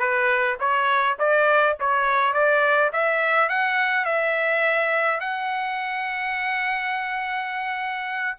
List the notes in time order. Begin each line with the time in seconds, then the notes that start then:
0.00 B4
0.60 C#5
1.20 D5
1.80 C#5
2.34 D5
2.93 E5
3.50 F#5
4.06 E5
5.21 F#5